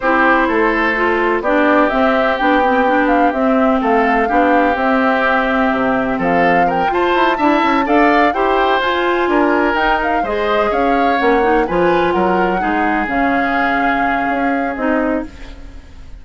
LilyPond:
<<
  \new Staff \with { instrumentName = "flute" } { \time 4/4 \tempo 4 = 126 c''2. d''4 | e''4 g''4. f''8 e''4 | f''2 e''2~ | e''4 f''4 g''8 a''4.~ |
a''8 f''4 g''4 gis''4.~ | gis''8 g''8 f''8 dis''4 f''4 fis''8~ | fis''8 gis''4 fis''2 f''8~ | f''2. dis''4 | }
  \new Staff \with { instrumentName = "oboe" } { \time 4/4 g'4 a'2 g'4~ | g'1 | a'4 g'2.~ | g'4 a'4 ais'8 c''4 e''8~ |
e''8 d''4 c''2 ais'8~ | ais'4. c''4 cis''4.~ | cis''8 b'4 ais'4 gis'4.~ | gis'1 | }
  \new Staff \with { instrumentName = "clarinet" } { \time 4/4 e'2 f'4 d'4 | c'4 d'8 c'8 d'4 c'4~ | c'4 d'4 c'2~ | c'2~ c'8 f'4 e'8~ |
e'8 a'4 g'4 f'4.~ | f'8 dis'4 gis'2 cis'8 | dis'8 f'2 dis'4 cis'8~ | cis'2. dis'4 | }
  \new Staff \with { instrumentName = "bassoon" } { \time 4/4 c'4 a2 b4 | c'4 b2 c'4 | a4 b4 c'2 | c4 f4. f'8 e'8 d'8 |
cis'8 d'4 e'4 f'4 d'8~ | d'8 dis'4 gis4 cis'4 ais8~ | ais8 f4 fis4 gis4 cis8~ | cis2 cis'4 c'4 | }
>>